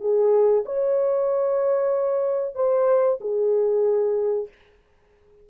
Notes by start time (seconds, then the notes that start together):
0.00 G#4
0.65 C#5
2.55 C5
3.20 G#4